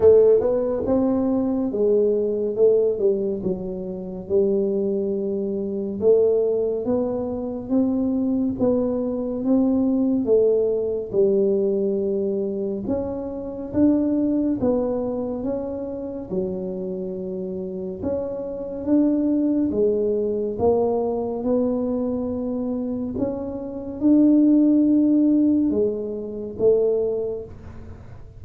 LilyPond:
\new Staff \with { instrumentName = "tuba" } { \time 4/4 \tempo 4 = 70 a8 b8 c'4 gis4 a8 g8 | fis4 g2 a4 | b4 c'4 b4 c'4 | a4 g2 cis'4 |
d'4 b4 cis'4 fis4~ | fis4 cis'4 d'4 gis4 | ais4 b2 cis'4 | d'2 gis4 a4 | }